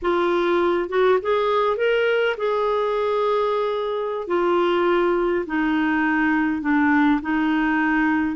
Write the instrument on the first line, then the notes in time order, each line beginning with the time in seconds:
clarinet
0.02 F4
0.89 F#4
1.22 G#4
1.76 A#4
2.37 G#4
4.27 F4
5.46 D#4
6.61 D4
7.21 D#4